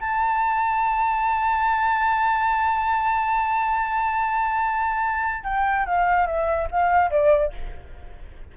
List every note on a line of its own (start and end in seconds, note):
0.00 5.44 A5
5.44 5.86 G5
5.86 6.26 F5
6.26 6.68 E5
6.71 7.10 F5
7.10 7.52 D5